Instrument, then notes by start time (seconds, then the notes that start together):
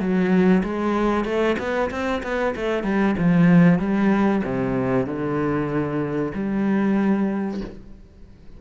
cello
0.00 F#3
0.64 G#3
1.25 A3
1.59 B3
1.91 C4
2.23 B3
2.56 A3
2.84 G3
3.19 F3
3.80 G3
4.45 C3
5.06 D3
6.34 G3